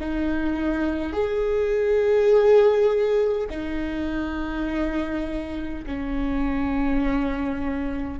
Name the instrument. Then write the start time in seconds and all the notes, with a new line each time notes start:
viola
0.00 D#4
1.12 G#4
3.49 D#4
5.86 C#4